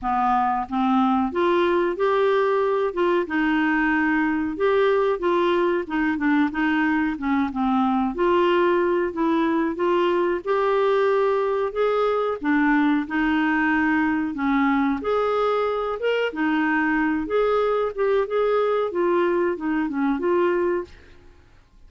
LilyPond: \new Staff \with { instrumentName = "clarinet" } { \time 4/4 \tempo 4 = 92 b4 c'4 f'4 g'4~ | g'8 f'8 dis'2 g'4 | f'4 dis'8 d'8 dis'4 cis'8 c'8~ | c'8 f'4. e'4 f'4 |
g'2 gis'4 d'4 | dis'2 cis'4 gis'4~ | gis'8 ais'8 dis'4. gis'4 g'8 | gis'4 f'4 dis'8 cis'8 f'4 | }